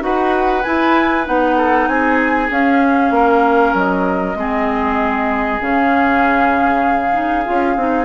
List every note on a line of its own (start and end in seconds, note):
0.00 0.63 D#4
0.00 0.62 F#4
0.00 1.57 B4
0.00 0.63 F#5
0.63 1.25 E4
0.63 1.28 E4
0.63 1.25 G#5
1.25 1.88 B3
1.25 2.49 D#4
1.25 1.88 F#5
1.57 1.88 A4
1.88 2.50 C4
1.88 3.14 G#4
1.88 2.50 G#5
2.50 3.11 C#4
2.50 4.36 C#4
2.50 3.76 F5
3.11 3.72 A#3
3.11 4.38 A#4
3.74 4.35 F#3
3.74 5.62 D#5
4.35 5.59 G#3
4.35 5.60 C4
4.35 8.05 G#4
5.60 7.47 C#3
5.60 7.12 C#4
5.60 8.05 F5
7.12 7.43 D#4
7.45 7.77 C#4
7.45 7.76 F4
7.77 8.05 C4
7.77 8.05 D#4